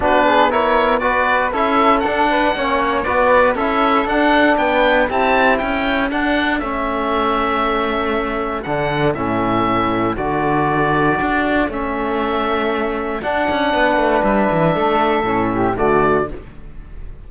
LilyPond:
<<
  \new Staff \with { instrumentName = "oboe" } { \time 4/4 \tempo 4 = 118 b'4 cis''4 d''4 e''4 | fis''2 d''4 e''4 | fis''4 g''4 a''4 g''4 | fis''4 e''2.~ |
e''4 fis''4 e''2 | d''2. e''4~ | e''2 fis''2 | e''2. d''4 | }
  \new Staff \with { instrumentName = "flute" } { \time 4/4 fis'8 gis'8 ais'4 b'4 a'4~ | a'8 b'8 cis''4 b'4 a'4~ | a'4 b'4 g'4 a'4~ | a'1~ |
a'1~ | a'1~ | a'2. b'4~ | b'4 a'4. g'8 fis'4 | }
  \new Staff \with { instrumentName = "trombone" } { \time 4/4 d'4 e'4 fis'4 e'4 | d'4 cis'4 fis'4 e'4 | d'2 e'2 | d'4 cis'2.~ |
cis'4 d'4 cis'2 | fis'2. cis'4~ | cis'2 d'2~ | d'2 cis'4 a4 | }
  \new Staff \with { instrumentName = "cello" } { \time 4/4 b2. cis'4 | d'4 ais4 b4 cis'4 | d'4 b4 c'4 cis'4 | d'4 a2.~ |
a4 d4 a,2 | d2 d'4 a4~ | a2 d'8 cis'8 b8 a8 | g8 e8 a4 a,4 d4 | }
>>